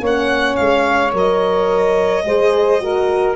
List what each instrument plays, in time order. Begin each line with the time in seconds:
0.00 tuba A#3, horn C#4, saxophone C#5
0.06 violin F#5
0.56 tuba G#3, violin F5
1.12 tuba F#3, horn A#4, violin D#5
2.24 tuba G#3, horn G#4, saxophone C5
2.80 horn F#4, saxophone A#4